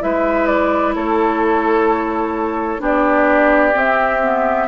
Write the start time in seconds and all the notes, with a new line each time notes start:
0.00 G#3 E4 B4 E5
0.47 D5
0.96 A3 A4 C#5
2.79 B3 D4 G4 D5
3.74 C4 E5
4.22 B3